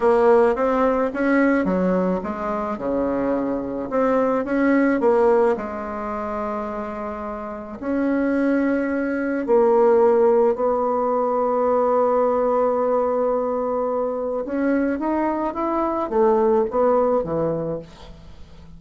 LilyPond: \new Staff \with { instrumentName = "bassoon" } { \time 4/4 \tempo 4 = 108 ais4 c'4 cis'4 fis4 | gis4 cis2 c'4 | cis'4 ais4 gis2~ | gis2 cis'2~ |
cis'4 ais2 b4~ | b1~ | b2 cis'4 dis'4 | e'4 a4 b4 e4 | }